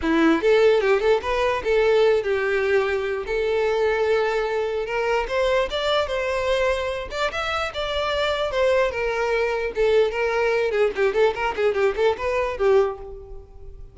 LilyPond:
\new Staff \with { instrumentName = "violin" } { \time 4/4 \tempo 4 = 148 e'4 a'4 g'8 a'8 b'4 | a'4. g'2~ g'8 | a'1 | ais'4 c''4 d''4 c''4~ |
c''4. d''8 e''4 d''4~ | d''4 c''4 ais'2 | a'4 ais'4. gis'8 g'8 a'8 | ais'8 gis'8 g'8 a'8 b'4 g'4 | }